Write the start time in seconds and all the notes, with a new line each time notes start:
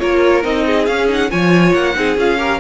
0.00 A#3 F4 A#4 C#5
0.43 C4 D#4 D#5
0.66 G#4
0.86 C#4 F5
1.08 D#4 F#5
1.30 F3 F4 C#5 G#5
1.73 A#3 F#5
1.95 C4 D#4 G#4
2.17 C#4 F4 F5
2.38 G4 A#4